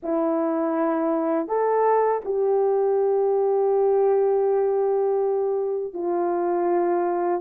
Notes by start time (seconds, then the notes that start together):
0.02 E4
1.47 A4
2.24 G4
5.93 F4